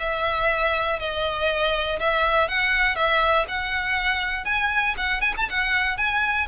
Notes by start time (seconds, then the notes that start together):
0.00 E5
1.00 D#5
2.00 E5
2.49 F#5
2.96 E5
3.48 F#5
4.45 G#5
4.98 F#5
5.22 G#5
5.37 A5
5.50 F#5
5.98 G#5